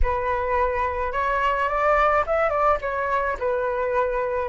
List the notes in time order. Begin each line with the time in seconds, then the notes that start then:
0.02 B4
1.12 C#5
1.68 D5
2.26 E5
2.49 D5
2.81 C#5
3.39 B4